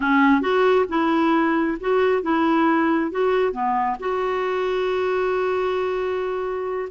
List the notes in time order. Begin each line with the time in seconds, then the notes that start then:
0.00 C#4
0.41 F#4
0.88 E4
1.80 F#4
2.22 E4
3.11 F#4
3.52 B3
3.99 F#4